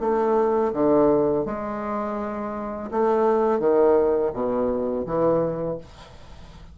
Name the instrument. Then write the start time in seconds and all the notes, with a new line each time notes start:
bassoon
0.00 A3
0.73 D3
1.45 G#3
2.90 A3
3.59 D#3
4.33 B2
5.05 E3